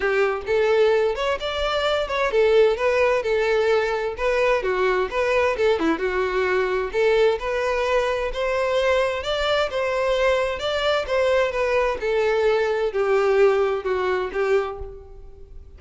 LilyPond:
\new Staff \with { instrumentName = "violin" } { \time 4/4 \tempo 4 = 130 g'4 a'4. cis''8 d''4~ | d''8 cis''8 a'4 b'4 a'4~ | a'4 b'4 fis'4 b'4 | a'8 e'8 fis'2 a'4 |
b'2 c''2 | d''4 c''2 d''4 | c''4 b'4 a'2 | g'2 fis'4 g'4 | }